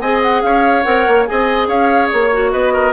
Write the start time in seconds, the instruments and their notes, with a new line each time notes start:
0.00 bassoon C4, clarinet G#4, oboe D#5, flute G#5
0.22 flute F#5
0.42 bassoon C#4, oboe C#5, flute F5
0.82 bassoon C4, clarinet A#4, flute F#5
1.07 bassoon A#3
1.26 bassoon C4, clarinet G#4, oboe D#5, flute G#5
1.67 bassoon C#4, oboe C#5, flute F5
2.08 bassoon A#3, flute C#5
2.32 clarinet F#4
2.51 bassoon B3, oboe B4, flute D#5
2.72 oboe A#4